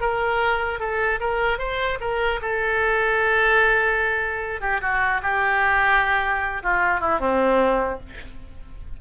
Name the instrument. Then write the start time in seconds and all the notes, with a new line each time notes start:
oboe
0.00 A#4
0.79 A4
1.20 A#4
1.58 C5
2.00 A#4
2.41 A4
4.61 G4
4.81 F#4
5.22 G4
6.63 F4
7.00 E4
7.19 C4